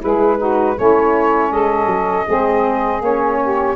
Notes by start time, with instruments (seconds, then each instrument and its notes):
0.00 tuba G#3, saxophone E4 G#4, flute B4
0.37 saxophone D#4 F#4
0.76 tuba A3, saxophone C#4 E4, flute C#5
1.50 tuba G#3, saxophone A4, flute D#5
1.86 tuba F#3
2.26 tuba G#3, saxophone C4 G#4
3.01 tuba A#3, saxophone C#4, flute C#5
3.42 saxophone G4